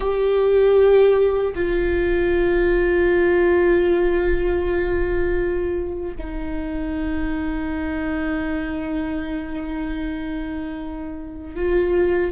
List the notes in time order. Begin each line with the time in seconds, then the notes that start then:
0.00 G4
1.55 F4
6.17 D#4
11.55 F4